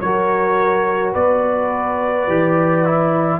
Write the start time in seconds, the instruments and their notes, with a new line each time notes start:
0.00 tuba F#3, trombone F#4, horn A#4, trumpet C#5
1.12 tuba B3, horn B4, trumpet D5
2.27 tuba E3, trombone G4
2.85 trombone E4